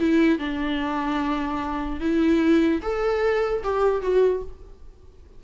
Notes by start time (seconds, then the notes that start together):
0.00 E4
0.39 D4
2.00 E4
2.82 A4
3.64 G4
4.02 F#4